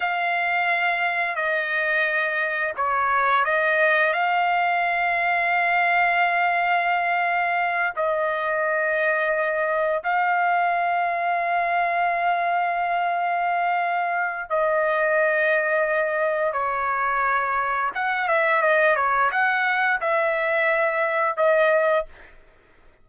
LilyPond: \new Staff \with { instrumentName = "trumpet" } { \time 4/4 \tempo 4 = 87 f''2 dis''2 | cis''4 dis''4 f''2~ | f''2.~ f''8 dis''8~ | dis''2~ dis''8 f''4.~ |
f''1~ | f''4 dis''2. | cis''2 fis''8 e''8 dis''8 cis''8 | fis''4 e''2 dis''4 | }